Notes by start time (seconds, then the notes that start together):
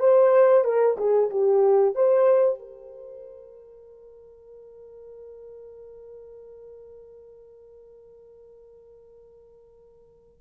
0.00 C5
0.64 A#4
0.97 G#4
1.30 G4
1.95 C5
2.59 A#4